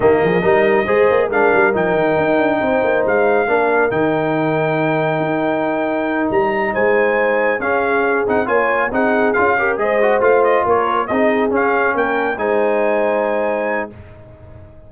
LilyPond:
<<
  \new Staff \with { instrumentName = "trumpet" } { \time 4/4 \tempo 4 = 138 dis''2. f''4 | g''2. f''4~ | f''4 g''2.~ | g''2~ g''8 ais''4 gis''8~ |
gis''4. f''4. fis''8 gis''8~ | gis''8 fis''4 f''4 dis''4 f''8 | dis''8 cis''4 dis''4 f''4 g''8~ | g''8 gis''2.~ gis''8 | }
  \new Staff \with { instrumentName = "horn" } { \time 4/4 g'8 gis'8 ais'4 c''4 ais'4~ | ais'2 c''2 | ais'1~ | ais'2.~ ais'8 c''8~ |
c''4. gis'2 cis''8~ | cis''8 gis'4. ais'8 c''4.~ | c''8 ais'4 gis'2 ais'8~ | ais'8 c''2.~ c''8 | }
  \new Staff \with { instrumentName = "trombone" } { \time 4/4 ais4 dis'4 gis'4 d'4 | dis'1 | d'4 dis'2.~ | dis'1~ |
dis'4. cis'4. dis'8 f'8~ | f'8 dis'4 f'8 g'8 gis'8 fis'8 f'8~ | f'4. dis'4 cis'4.~ | cis'8 dis'2.~ dis'8 | }
  \new Staff \with { instrumentName = "tuba" } { \time 4/4 dis8 f8 g4 gis8 ais8 gis8 g8 | f8 dis8 dis'8 d'8 c'8 ais8 gis4 | ais4 dis2. | dis'2~ dis'8 g4 gis8~ |
gis4. cis'4. c'8 ais8~ | ais8 c'4 cis'4 gis4 a8~ | a8 ais4 c'4 cis'4 ais8~ | ais8 gis2.~ gis8 | }
>>